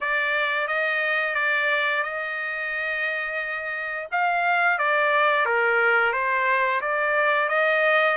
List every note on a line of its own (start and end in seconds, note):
0.01 0.67 D5
0.67 1.35 D#5
1.35 2.03 D5
2.03 4.08 D#5
4.11 4.78 F5
4.78 5.45 D5
5.45 6.12 A#4
6.12 6.80 C5
6.81 7.48 D5
7.48 8.17 D#5